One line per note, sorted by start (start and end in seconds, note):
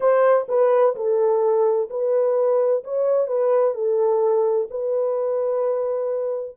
0.00 0.46 C5
0.48 0.95 B4
0.95 1.89 A4
1.90 2.83 B4
2.84 3.27 C#5
3.27 3.74 B4
3.74 4.67 A4
4.70 6.56 B4